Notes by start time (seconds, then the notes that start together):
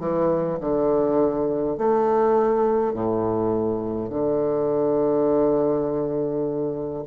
0.00 E3
0.61 D3
1.78 A3
2.94 A2
4.10 D3